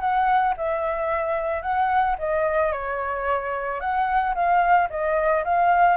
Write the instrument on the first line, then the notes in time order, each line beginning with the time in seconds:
flute
0.00 F#5
0.57 E5
1.62 F#5
2.18 D#5
2.72 C#5
3.80 F#5
4.34 F5
4.89 D#5
5.44 F5